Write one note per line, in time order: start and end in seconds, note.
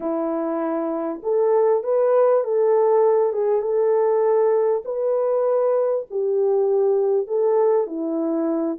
0.00 1.21 E4
1.23 1.83 A4
1.83 2.44 B4
2.44 3.33 A4
3.33 3.61 G#4
3.61 4.83 A4
4.85 6.06 B4
6.10 7.27 G4
7.27 7.86 A4
7.86 8.77 E4